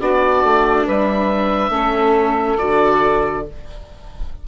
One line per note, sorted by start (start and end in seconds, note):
0.00 0.43 B3
0.00 1.71 D4
0.00 0.86 F#4
0.00 0.87 D5
0.43 0.86 A3
0.86 1.69 G3
0.86 1.71 B4
0.86 2.58 E5
1.69 2.55 A3
1.69 2.57 C#4
1.69 3.45 A4
2.58 3.47 D3
2.58 3.44 F#4
2.58 3.43 D5